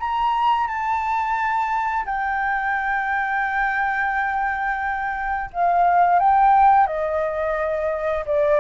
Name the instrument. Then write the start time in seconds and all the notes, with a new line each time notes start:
flute
0.00 A#5
0.68 A5
2.06 G5
5.53 F5
6.19 G5
6.87 D#5
8.26 D5